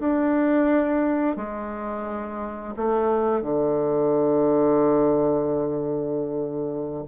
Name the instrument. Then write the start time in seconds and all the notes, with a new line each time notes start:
bassoon
0.00 D4
1.37 G#3
2.77 A3
3.42 D3